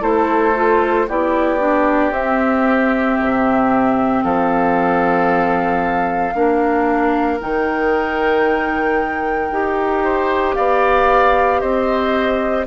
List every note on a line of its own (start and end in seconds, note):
0.00 1.07 A3
0.00 0.53 E4
0.00 1.06 A4
0.00 1.08 C5
0.54 1.07 F4
1.08 2.11 B3
1.08 1.59 E4
1.08 4.23 G4
1.08 2.12 D5
1.59 2.11 D4
2.11 6.32 C4
2.11 3.16 C4
2.11 4.23 E5
3.20 4.23 C3
4.23 6.34 F3
4.23 6.34 A4
4.23 7.39 F5
6.34 7.39 A#3
6.34 7.39 D4
6.34 10.03 A#4
7.39 9.50 D#3
7.39 9.50 D#4
7.39 10.54 G5
9.50 10.55 D#4
9.50 12.66 G4
10.03 10.55 C5
10.54 11.62 B3
10.54 11.61 D5
10.54 11.60 F5
11.60 12.66 C4
11.60 12.66 C5
11.60 12.65 D#5